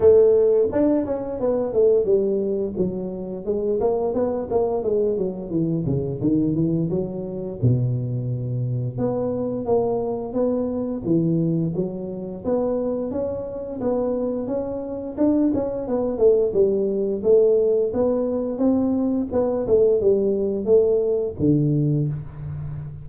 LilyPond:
\new Staff \with { instrumentName = "tuba" } { \time 4/4 \tempo 4 = 87 a4 d'8 cis'8 b8 a8 g4 | fis4 gis8 ais8 b8 ais8 gis8 fis8 | e8 cis8 dis8 e8 fis4 b,4~ | b,4 b4 ais4 b4 |
e4 fis4 b4 cis'4 | b4 cis'4 d'8 cis'8 b8 a8 | g4 a4 b4 c'4 | b8 a8 g4 a4 d4 | }